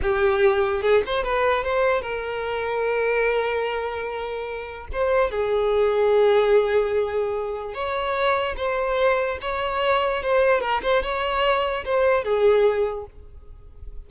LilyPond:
\new Staff \with { instrumentName = "violin" } { \time 4/4 \tempo 4 = 147 g'2 gis'8 c''8 b'4 | c''4 ais'2.~ | ais'1 | c''4 gis'2.~ |
gis'2. cis''4~ | cis''4 c''2 cis''4~ | cis''4 c''4 ais'8 c''8 cis''4~ | cis''4 c''4 gis'2 | }